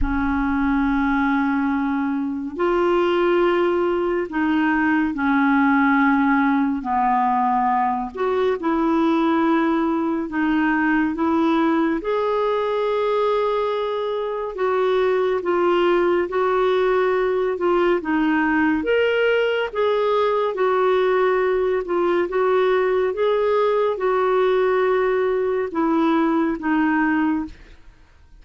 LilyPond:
\new Staff \with { instrumentName = "clarinet" } { \time 4/4 \tempo 4 = 70 cis'2. f'4~ | f'4 dis'4 cis'2 | b4. fis'8 e'2 | dis'4 e'4 gis'2~ |
gis'4 fis'4 f'4 fis'4~ | fis'8 f'8 dis'4 ais'4 gis'4 | fis'4. f'8 fis'4 gis'4 | fis'2 e'4 dis'4 | }